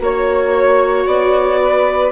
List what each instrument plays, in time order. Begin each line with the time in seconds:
0.00 bassoon A#3, viola F#4, violin C#5, saxophone C#5
1.07 bassoon B3, violin D5
1.61 saxophone B4